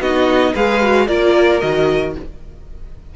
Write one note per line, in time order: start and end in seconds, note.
0.00 0.54 B3
0.00 0.55 D#4
0.00 0.53 F#4
0.00 0.55 D#5
0.53 1.08 G#3
0.53 0.82 G#4
0.53 1.07 B4
0.53 1.07 F5
0.82 1.08 F#4
1.07 1.61 A#3
1.07 1.60 F4
1.07 2.14 A#4
1.07 1.60 D5
1.60 2.16 D#3
1.60 2.14 F#4
1.60 2.14 D#5